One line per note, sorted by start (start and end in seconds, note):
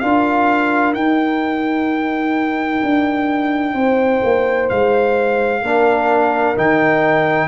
0.00 0.94 D4
0.00 0.96 F4
0.00 3.75 A#4
0.00 0.94 F5
0.94 2.81 D#4
0.94 5.64 D#4
0.94 4.69 G5
2.83 3.74 D4
3.74 4.21 C4
3.74 5.62 C5
4.24 4.71 A#3
4.70 5.62 G#3
4.70 6.57 F5
5.62 6.56 A#3
5.62 6.56 D4
5.62 7.48 A#4
6.56 7.48 D#3
6.56 7.48 D#4
6.56 7.48 G5